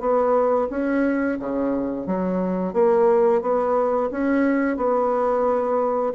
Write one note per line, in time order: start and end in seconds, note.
0.00 0.68 B3
0.70 1.39 C#4
1.39 2.06 C#3
2.06 2.74 F#3
2.74 3.42 A#3
3.42 4.10 B3
4.11 4.77 C#4
4.77 6.14 B3